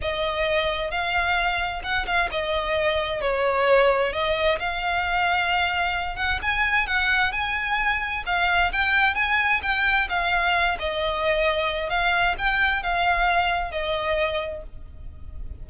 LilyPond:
\new Staff \with { instrumentName = "violin" } { \time 4/4 \tempo 4 = 131 dis''2 f''2 | fis''8 f''8 dis''2 cis''4~ | cis''4 dis''4 f''2~ | f''4. fis''8 gis''4 fis''4 |
gis''2 f''4 g''4 | gis''4 g''4 f''4. dis''8~ | dis''2 f''4 g''4 | f''2 dis''2 | }